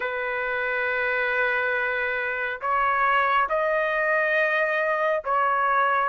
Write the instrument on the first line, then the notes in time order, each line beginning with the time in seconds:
trumpet
0.00 B4
2.61 C#5
3.49 D#5
5.24 C#5